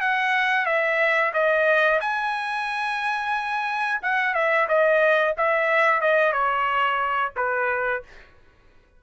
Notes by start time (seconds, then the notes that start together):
0.00 F#5
0.65 E5
1.33 D#5
2.00 G#5
4.02 F#5
4.34 E5
4.68 D#5
5.37 E5
6.00 D#5
6.32 C#5
7.36 B4